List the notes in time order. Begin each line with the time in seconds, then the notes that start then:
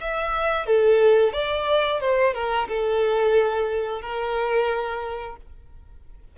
0.00 E5
0.66 A4
1.33 D5
2.00 C5
2.34 A#4
2.68 A4
4.01 A#4